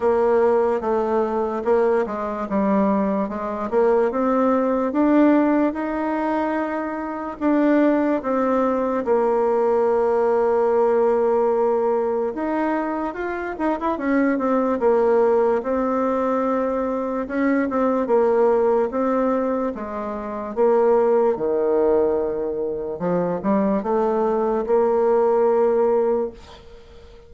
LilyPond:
\new Staff \with { instrumentName = "bassoon" } { \time 4/4 \tempo 4 = 73 ais4 a4 ais8 gis8 g4 | gis8 ais8 c'4 d'4 dis'4~ | dis'4 d'4 c'4 ais4~ | ais2. dis'4 |
f'8 dis'16 e'16 cis'8 c'8 ais4 c'4~ | c'4 cis'8 c'8 ais4 c'4 | gis4 ais4 dis2 | f8 g8 a4 ais2 | }